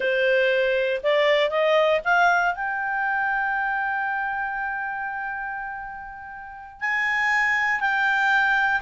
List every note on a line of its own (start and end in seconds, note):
0.00 1.01 C5
1.03 1.50 D5
1.50 2.00 D#5
2.04 2.54 F5
2.54 6.80 G5
6.80 7.80 G#5
7.80 8.81 G5